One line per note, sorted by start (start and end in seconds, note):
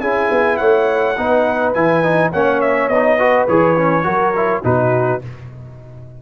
0.00 0.29 C#4
0.00 1.16 E4
0.00 0.59 G#4
0.00 0.57 G#5
0.31 0.60 B3
0.57 1.17 A3
0.57 1.17 C#5
0.57 1.72 F#5
1.17 1.75 B3
1.17 1.75 D#4
1.17 2.32 B4
1.73 2.32 E3
1.73 2.03 E4
1.73 2.31 G#5
2.03 2.32 D#4
2.32 2.89 A#3
2.32 2.91 C#4
2.32 3.19 C#5
2.32 2.61 F#5
2.61 2.88 E5
2.88 3.46 B3
2.88 3.19 D#4
2.88 3.46 D#5
3.19 3.48 F#4
3.19 4.05 B4
3.48 4.05 E3
3.48 3.77 G#4
3.48 4.63 C#5
3.77 4.03 C#4
4.03 4.62 F#3
4.03 4.32 F#4
4.03 4.63 A#4
4.36 4.63 E4
4.63 5.22 B2
4.63 5.21 D#4
4.63 5.22 F#4
4.63 5.22 B4